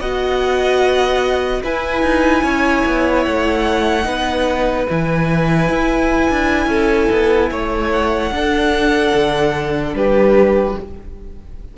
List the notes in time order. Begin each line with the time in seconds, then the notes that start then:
0.00 B3 F#4 D#5 F#5
1.63 E4 B4 G#5
2.02 D#4
2.43 C#4 C#5
2.86 B3
3.24 A3 F#5
4.03 B3 D#4 B4
4.89 E3 E4 G#5
5.69 E4
6.30 D4
6.66 C#4 A4
7.11 B3
7.51 A3 C#5
7.92 F#5
8.31 D4 A4
9.14 D3
9.93 G3 G4 B4